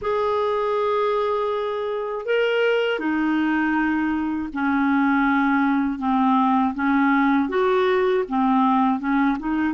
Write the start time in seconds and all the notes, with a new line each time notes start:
0.01 G#4
2.25 A#4
2.99 D#4
4.53 C#4
5.98 C4
6.74 C#4
7.49 F#4
8.28 C4
8.99 C#4
9.39 D#4